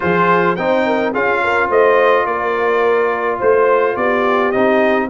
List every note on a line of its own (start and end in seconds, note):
0.00 0.58 F3
0.00 0.56 F4
0.00 0.58 G#4
0.00 0.55 C5
0.55 1.14 C4
0.55 1.13 D#4
0.55 0.86 C5
0.55 1.12 G5
0.86 1.12 A#4
1.12 1.69 C#4
1.12 4.53 F4
1.12 1.40 G#4
1.12 1.70 F5
1.43 1.69 A#4
1.69 2.25 A3
1.69 2.25 C5
1.69 2.26 D#5
2.25 3.39 A#3
2.25 3.39 A#4
2.25 3.39 D5
3.39 3.96 A3
3.39 3.95 C5
3.39 3.96 C5
3.96 4.53 B3
3.96 5.09 G4
3.96 4.51 D5
4.51 5.09 C4
4.51 5.09 D#4
4.51 5.08 D#5